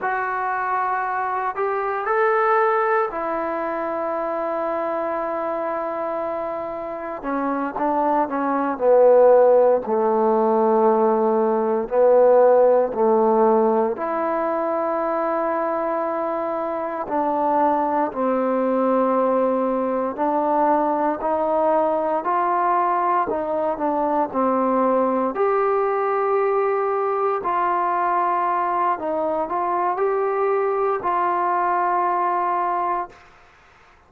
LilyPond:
\new Staff \with { instrumentName = "trombone" } { \time 4/4 \tempo 4 = 58 fis'4. g'8 a'4 e'4~ | e'2. cis'8 d'8 | cis'8 b4 a2 b8~ | b8 a4 e'2~ e'8~ |
e'8 d'4 c'2 d'8~ | d'8 dis'4 f'4 dis'8 d'8 c'8~ | c'8 g'2 f'4. | dis'8 f'8 g'4 f'2 | }